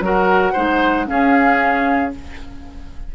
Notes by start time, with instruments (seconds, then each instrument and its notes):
0.00 bassoon F#3, clarinet F#4, oboe A#4, flute F#5
0.52 bassoon G#3, clarinet D#4, oboe C5
1.05 clarinet C#4, bassoon C#4, oboe G#4, flute F5